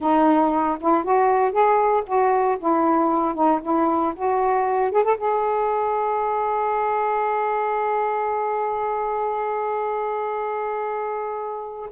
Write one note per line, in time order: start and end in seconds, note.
0.00 0.78 D#4
0.80 1.03 E4
1.03 1.52 F#4
1.52 2.03 G#4
2.06 2.57 F#4
2.59 3.34 E4
3.34 3.60 D#4
3.62 4.14 E4
4.15 4.91 F#4
4.91 5.04 G#4
5.04 5.17 A4
5.17 11.89 G#4